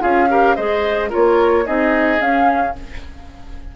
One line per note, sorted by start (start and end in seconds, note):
0.00 0.57 C#4
0.00 0.27 F4
0.00 0.29 G#4
0.00 0.55 F5
0.29 0.56 G4
0.29 0.56 A#4
0.55 1.12 G#3
0.55 1.10 G#4
0.55 1.09 C5
0.55 1.10 D#5
1.09 1.67 A#3
1.09 1.64 F4
1.09 1.64 A#4
1.09 1.66 C#5
1.65 2.20 C4
1.65 2.18 D#4
1.65 2.75 G#4
1.65 2.21 D#5
2.18 2.73 C#4
2.18 2.74 C#4
2.18 2.75 F5